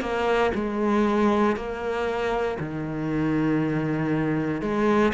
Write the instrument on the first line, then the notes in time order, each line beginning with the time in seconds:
cello
0.00 A#3
0.55 G#3
1.56 A#3
2.59 D#3
4.61 G#3